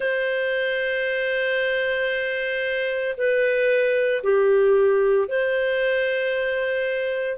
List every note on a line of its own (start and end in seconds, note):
0.00 3.15 C5
3.17 4.22 B4
4.23 5.28 G4
5.28 7.37 C5